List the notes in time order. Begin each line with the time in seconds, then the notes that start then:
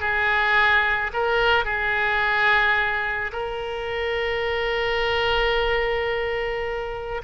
0.00 G#4
1.13 A#4
1.65 G#4
3.33 A#4